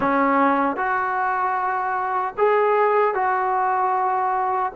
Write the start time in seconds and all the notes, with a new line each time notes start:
0.00 C#4
0.76 F#4
2.37 G#4
3.14 F#4